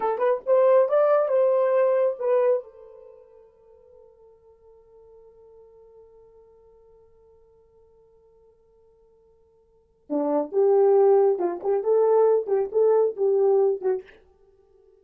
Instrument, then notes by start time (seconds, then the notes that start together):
horn
0.00 A4
0.18 B4
0.46 C5
0.88 D5
1.28 C5
2.19 B4
2.63 A4
10.09 D4
10.51 G4
11.38 F4
11.63 G4
11.83 A4
12.46 G4
12.72 A4
13.16 G4
13.81 F#4